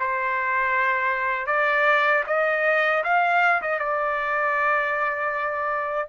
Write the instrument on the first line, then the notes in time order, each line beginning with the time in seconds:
trumpet
0.00 C5
1.47 D5
2.27 D#5
3.04 F5
3.62 D#5
3.79 D5